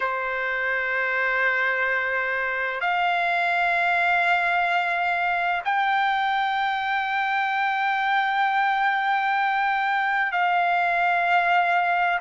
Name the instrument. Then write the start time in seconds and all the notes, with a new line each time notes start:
trumpet
0.00 C5
2.80 F5
5.65 G5
10.32 F5